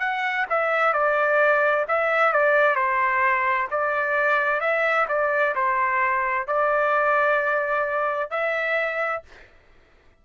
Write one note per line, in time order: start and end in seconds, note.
0.00 0.46 F#5
0.50 0.94 E5
0.94 1.86 D5
1.89 2.33 E5
2.33 2.76 D5
2.76 3.68 C5
3.71 4.61 D5
4.61 5.07 E5
5.09 5.55 D5
5.56 6.48 C5
6.48 8.31 D5
8.31 9.23 E5